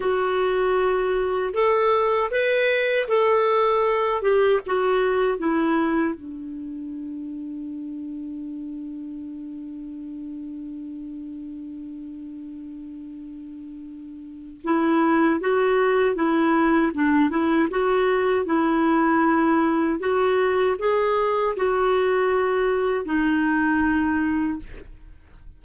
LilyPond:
\new Staff \with { instrumentName = "clarinet" } { \time 4/4 \tempo 4 = 78 fis'2 a'4 b'4 | a'4. g'8 fis'4 e'4 | d'1~ | d'1~ |
d'2. e'4 | fis'4 e'4 d'8 e'8 fis'4 | e'2 fis'4 gis'4 | fis'2 dis'2 | }